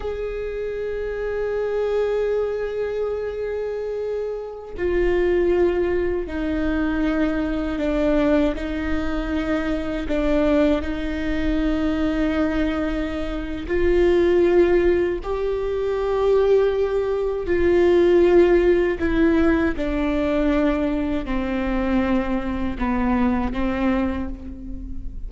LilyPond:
\new Staff \with { instrumentName = "viola" } { \time 4/4 \tempo 4 = 79 gis'1~ | gis'2~ gis'16 f'4.~ f'16~ | f'16 dis'2 d'4 dis'8.~ | dis'4~ dis'16 d'4 dis'4.~ dis'16~ |
dis'2 f'2 | g'2. f'4~ | f'4 e'4 d'2 | c'2 b4 c'4 | }